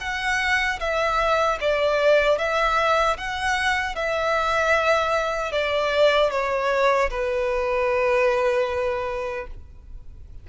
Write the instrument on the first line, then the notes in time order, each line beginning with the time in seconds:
violin
0.00 F#5
0.79 E5
1.60 D5
2.38 E5
3.17 F#5
3.95 E5
5.51 D5
6.31 C#5
7.10 B4